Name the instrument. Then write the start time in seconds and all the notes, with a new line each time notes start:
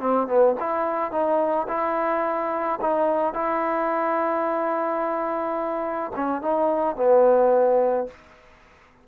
trombone
0.00 C4
0.28 B3
0.60 E4
1.12 D#4
1.68 E4
2.81 D#4
3.34 E4
6.15 C#4
6.42 D#4
6.96 B3